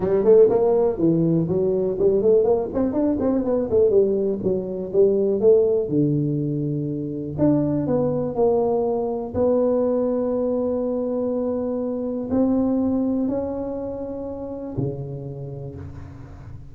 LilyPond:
\new Staff \with { instrumentName = "tuba" } { \time 4/4 \tempo 4 = 122 g8 a8 ais4 e4 fis4 | g8 a8 ais8 c'8 d'8 c'8 b8 a8 | g4 fis4 g4 a4 | d2. d'4 |
b4 ais2 b4~ | b1~ | b4 c'2 cis'4~ | cis'2 cis2 | }